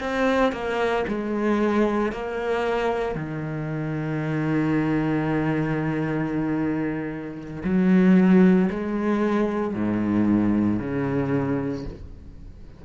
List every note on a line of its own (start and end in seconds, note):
0.00 0.52 C4
0.52 1.05 A#3
1.08 2.12 G#3
2.12 3.15 A#3
3.15 7.63 D#3
7.64 8.69 F#3
8.70 9.74 G#3
9.74 10.79 G#2
10.79 11.85 C#3